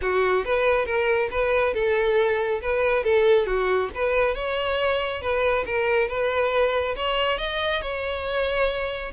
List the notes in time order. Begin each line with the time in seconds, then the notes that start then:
0.01 F#4
0.44 B4
0.85 A#4
1.30 B4
1.74 A4
2.61 B4
3.03 A4
3.46 F#4
3.95 B4
4.34 C#5
5.21 B4
5.66 A#4
6.08 B4
6.96 C#5
7.38 D#5
7.81 C#5